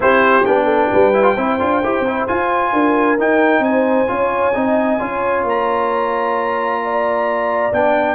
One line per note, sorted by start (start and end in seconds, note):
0.00 0.45 C4
0.00 0.43 E4
0.00 0.64 G4
0.00 0.45 C5
0.45 0.91 B3
0.45 1.13 D4
0.45 2.26 G5
0.64 0.87 A4
0.91 1.37 G3
0.91 1.34 B4
1.13 1.22 E4
1.22 1.34 F4
1.34 1.59 C4
1.34 1.59 E4
1.34 2.71 C5
1.59 1.83 D4
1.59 1.82 F4
1.83 2.00 E4
1.83 2.06 G4
2.00 2.22 C4
2.07 2.28 E4
2.27 3.18 F4
2.27 2.72 F4
2.27 3.18 G#5
2.72 3.18 D4
2.72 3.63 A#4
3.18 3.59 D#4
3.18 4.07 D#4
3.18 3.63 G5
3.59 4.05 C4
3.59 5.45 G#5
3.66 4.12 C5
4.07 4.54 C#4
4.07 4.52 F4
4.07 4.56 C#5
4.54 5.00 C4
4.54 4.99 D#4
4.54 5.00 D#5
4.99 5.43 C#4
4.99 7.72 F4
4.99 6.82 C#5
5.43 7.70 A#3
5.43 7.73 A#5
6.83 8.15 D5
7.72 8.15 B3
7.72 8.15 D4
7.72 8.15 G5